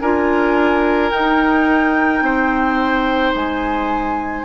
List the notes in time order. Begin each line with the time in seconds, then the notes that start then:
0.00 D4 F4 A#4 G#5
1.10 D#4 G5
2.22 C4 C5
3.34 G#3 G#5